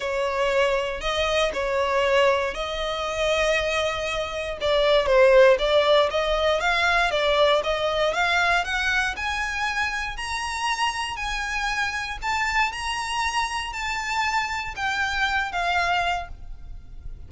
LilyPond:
\new Staff \with { instrumentName = "violin" } { \time 4/4 \tempo 4 = 118 cis''2 dis''4 cis''4~ | cis''4 dis''2.~ | dis''4 d''4 c''4 d''4 | dis''4 f''4 d''4 dis''4 |
f''4 fis''4 gis''2 | ais''2 gis''2 | a''4 ais''2 a''4~ | a''4 g''4. f''4. | }